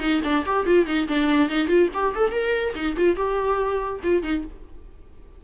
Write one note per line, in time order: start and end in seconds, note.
0.00 0.21 D#4
0.24 0.45 D4
0.46 0.67 G4
0.67 0.86 F4
0.86 1.07 D#4
1.08 1.50 D4
1.50 1.68 D#4
1.68 1.89 F4
1.94 2.15 G4
2.15 2.32 A4
2.32 2.73 A#4
2.75 2.96 D#4
2.97 3.16 F4
3.16 4.00 G4
4.03 4.23 F4
4.23 4.44 D#4